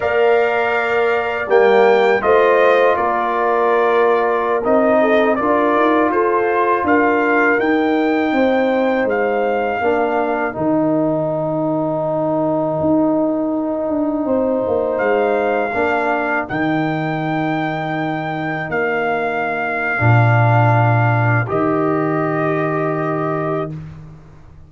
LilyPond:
<<
  \new Staff \with { instrumentName = "trumpet" } { \time 4/4 \tempo 4 = 81 f''2 g''4 dis''4 | d''2~ d''16 dis''4 d''8.~ | d''16 c''4 f''4 g''4.~ g''16~ | g''16 f''2 g''4.~ g''16~ |
g''1~ | g''16 f''2 g''4.~ g''16~ | g''4~ g''16 f''2~ f''8.~ | f''4 dis''2. | }
  \new Staff \with { instrumentName = "horn" } { \time 4/4 d''2. c''4 | ais'2~ ais'8. a'8 ais'8.~ | ais'16 a'4 ais'2 c''8.~ | c''4~ c''16 ais'2~ ais'8.~ |
ais'2.~ ais'16 c''8.~ | c''4~ c''16 ais'2~ ais'8.~ | ais'1~ | ais'1 | }
  \new Staff \with { instrumentName = "trombone" } { \time 4/4 ais'2 ais4 f'4~ | f'2~ f'16 dis'4 f'8.~ | f'2~ f'16 dis'4.~ dis'16~ | dis'4~ dis'16 d'4 dis'4.~ dis'16~ |
dis'1~ | dis'4~ dis'16 d'4 dis'4.~ dis'16~ | dis'2. d'4~ | d'4 g'2. | }
  \new Staff \with { instrumentName = "tuba" } { \time 4/4 ais2 g4 a4 | ais2~ ais16 c'4 d'8 dis'16~ | dis'16 f'4 d'4 dis'4 c'8.~ | c'16 gis4 ais4 dis4.~ dis16~ |
dis4~ dis16 dis'4. d'8 c'8 ais16~ | ais16 gis4 ais4 dis4.~ dis16~ | dis4~ dis16 ais4.~ ais16 ais,4~ | ais,4 dis2. | }
>>